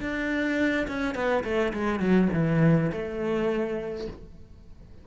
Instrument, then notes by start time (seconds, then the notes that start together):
cello
0.00 D4
0.88 C#4
1.15 B3
1.44 A3
1.73 G#3
2.00 F#3
2.33 E3
2.92 A3